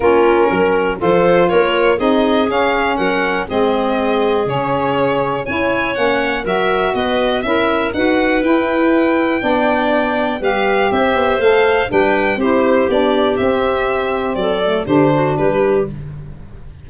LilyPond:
<<
  \new Staff \with { instrumentName = "violin" } { \time 4/4 \tempo 4 = 121 ais'2 c''4 cis''4 | dis''4 f''4 fis''4 dis''4~ | dis''4 cis''2 gis''4 | fis''4 e''4 dis''4 e''4 |
fis''4 g''2.~ | g''4 f''4 e''4 f''4 | g''4 c''4 d''4 e''4~ | e''4 d''4 c''4 b'4 | }
  \new Staff \with { instrumentName = "clarinet" } { \time 4/4 f'4 ais'4 a'4 ais'4 | gis'2 ais'4 gis'4~ | gis'2. cis''4~ | cis''4 ais'4 b'4 ais'4 |
b'2. d''4~ | d''4 b'4 c''2 | b'4 g'2.~ | g'4 a'4 g'8 fis'8 g'4 | }
  \new Staff \with { instrumentName = "saxophone" } { \time 4/4 cis'2 f'2 | dis'4 cis'2 c'4~ | c'4 cis'2 e'4 | cis'4 fis'2 e'4 |
fis'4 e'2 d'4~ | d'4 g'2 a'4 | d'4 e'4 d'4 c'4~ | c'4. a8 d'2 | }
  \new Staff \with { instrumentName = "tuba" } { \time 4/4 ais4 fis4 f4 ais4 | c'4 cis'4 fis4 gis4~ | gis4 cis2 cis'4 | ais4 fis4 b4 cis'4 |
dis'4 e'2 b4~ | b4 g4 c'8 b8 a4 | g4 c'4 b4 c'4~ | c'4 fis4 d4 g4 | }
>>